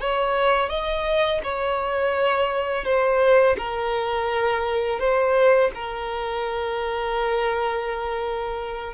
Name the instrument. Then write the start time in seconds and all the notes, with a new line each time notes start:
violin
0.00 C#5
0.69 D#5
1.43 C#5
2.84 C5
3.57 A#4
4.99 C5
5.74 A#4